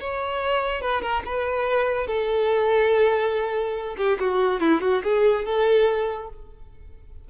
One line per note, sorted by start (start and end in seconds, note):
0.00 0.81 C#5
0.81 1.01 B4
1.01 1.22 A#4
1.25 2.07 B4
2.07 3.96 A4
3.97 4.18 G4
4.19 4.60 F#4
4.60 4.81 E4
4.81 5.02 F#4
5.03 5.45 G#4
5.45 6.29 A4